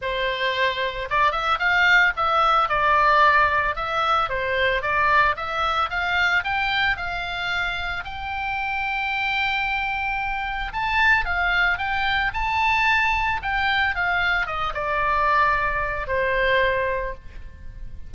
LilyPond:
\new Staff \with { instrumentName = "oboe" } { \time 4/4 \tempo 4 = 112 c''2 d''8 e''8 f''4 | e''4 d''2 e''4 | c''4 d''4 e''4 f''4 | g''4 f''2 g''4~ |
g''1 | a''4 f''4 g''4 a''4~ | a''4 g''4 f''4 dis''8 d''8~ | d''2 c''2 | }